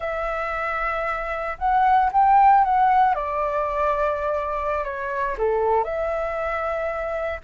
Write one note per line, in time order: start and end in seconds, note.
0.00 1.57 E5
1.58 2.10 F#5
2.12 2.64 G5
2.64 3.14 F#5
3.14 4.84 D5
4.84 5.36 C#5
5.38 5.84 A4
5.84 7.40 E5